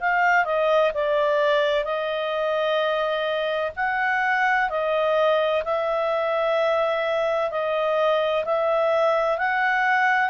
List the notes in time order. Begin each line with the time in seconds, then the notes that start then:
0.00 F5
0.45 D#5
0.94 D5
1.84 D#5
3.76 F#5
4.69 D#5
5.64 E5
7.50 D#5
8.45 E5
9.38 F#5